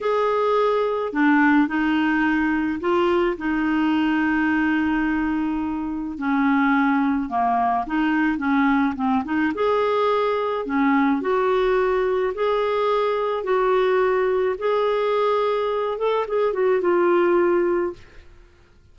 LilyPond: \new Staff \with { instrumentName = "clarinet" } { \time 4/4 \tempo 4 = 107 gis'2 d'4 dis'4~ | dis'4 f'4 dis'2~ | dis'2. cis'4~ | cis'4 ais4 dis'4 cis'4 |
c'8 dis'8 gis'2 cis'4 | fis'2 gis'2 | fis'2 gis'2~ | gis'8 a'8 gis'8 fis'8 f'2 | }